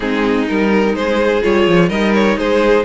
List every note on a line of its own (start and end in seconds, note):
0.00 0.48 G#3
0.00 0.47 C4
0.00 0.94 D#4
0.00 0.47 G#4
0.47 0.94 G3
0.47 1.42 D#4
0.47 0.95 A#4
0.94 1.41 G#3
0.94 1.89 G#4
0.94 1.42 C5
1.42 1.67 G3
1.42 1.89 F4
1.42 1.89 C#5
1.67 1.90 F3
1.89 2.37 G3
1.89 2.85 D#4
1.89 2.36 A#4
1.89 2.12 D#5
2.14 2.37 C#5
2.37 2.85 G#3
2.37 2.85 G#4
2.37 2.85 C5